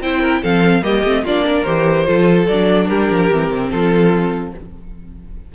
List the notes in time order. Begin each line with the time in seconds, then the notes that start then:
0.00 C4 E4 C5 G5
0.20 A#4
0.41 F3 C4 A4 F5
0.82 G3 A#3 G4 D#5
1.03 A3 C4
1.24 A#3 D4 F4 D5
1.46 A#4
1.63 E3 G4 C5
2.05 F3 F4 A4
2.47 F#3 D4 D5
2.87 G3 G4 A#4
3.10 F3
3.31 E3 C4
3.50 C3
3.69 F3 F4 A4